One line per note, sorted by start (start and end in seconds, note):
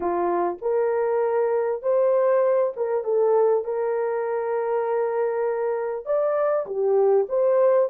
0.00 0.58 F4
0.61 1.82 A#4
1.82 2.73 C5
2.76 3.03 A#4
3.03 3.64 A4
3.64 6.05 A#4
6.05 6.66 D5
6.66 7.26 G4
7.29 7.89 C5